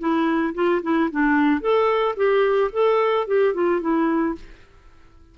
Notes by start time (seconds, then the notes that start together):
0.00 E4
0.55 F4
0.83 E4
1.11 D4
1.61 A4
2.17 G4
2.73 A4
3.28 G4
3.54 F4
3.81 E4